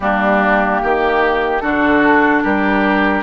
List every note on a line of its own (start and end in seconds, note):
0.00 0.80 G3
0.00 1.62 A#3
0.00 0.81 D4
0.00 1.59 G4
0.81 1.61 D#3
0.81 1.62 G4
1.60 2.43 D3
1.60 3.22 D4
1.60 2.43 F#4
1.60 2.41 A4
2.43 3.22 G3
2.43 3.22 G4
2.43 3.22 A#4